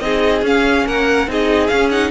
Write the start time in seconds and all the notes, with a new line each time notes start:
0.00 C4 D#4 G#4 D#5
0.43 C#4 F5
0.86 A#3 A#4 F#5
1.28 C4 D#4 G#4 D#5
1.68 C#4 F5
1.91 D#4 F#5